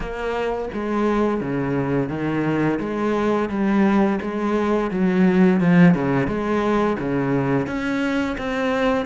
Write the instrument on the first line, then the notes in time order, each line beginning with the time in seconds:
cello
0.00 A#3
0.73 G#3
1.40 C#3
2.09 D#3
2.79 G#3
3.49 G3
4.21 G#3
4.91 F#3
5.60 F3
5.94 C#3
6.27 G#3
6.99 C#3
7.66 C#4
8.37 C4